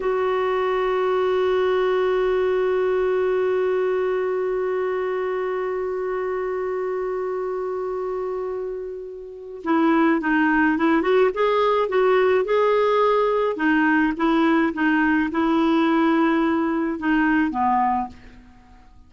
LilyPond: \new Staff \with { instrumentName = "clarinet" } { \time 4/4 \tempo 4 = 106 fis'1~ | fis'1~ | fis'1~ | fis'1~ |
fis'4 e'4 dis'4 e'8 fis'8 | gis'4 fis'4 gis'2 | dis'4 e'4 dis'4 e'4~ | e'2 dis'4 b4 | }